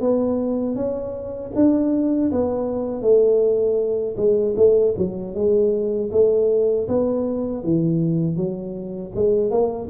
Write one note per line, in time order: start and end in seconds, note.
0.00 0.75 B3
0.75 1.51 C#4
1.55 2.31 D4
2.31 3.01 B3
3.01 4.15 A3
4.16 4.54 G#3
4.56 4.94 A3
4.97 5.34 F#3
5.34 6.10 G#3
6.11 6.87 A3
6.88 7.63 B3
7.63 8.36 E3
8.36 9.12 F#3
9.15 9.51 G#3
9.51 9.89 A#3